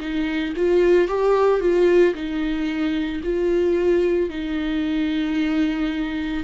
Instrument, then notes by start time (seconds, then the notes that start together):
viola
0.00 D#4
0.56 F4
1.08 G4
1.60 F4
2.14 D#4
3.23 F4
4.29 D#4